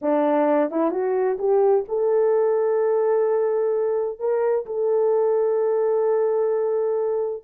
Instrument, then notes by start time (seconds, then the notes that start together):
horn
0.01 D4
0.70 E4
0.90 F#4
1.38 G4
1.88 A4
4.19 A#4
4.66 A4